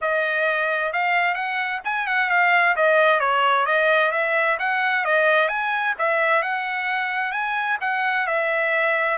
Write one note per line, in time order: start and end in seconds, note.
0.01 0.92 D#5
0.92 1.34 F5
1.34 1.80 F#5
1.84 2.06 G#5
2.06 2.29 F#5
2.29 2.75 F5
2.75 3.20 D#5
3.20 3.66 C#5
3.66 4.11 D#5
4.11 4.57 E5
4.59 5.05 F#5
5.05 5.48 D#5
5.48 5.94 G#5
5.98 6.42 E5
6.42 7.32 F#5
7.32 7.77 G#5
7.80 8.26 F#5
8.26 9.17 E5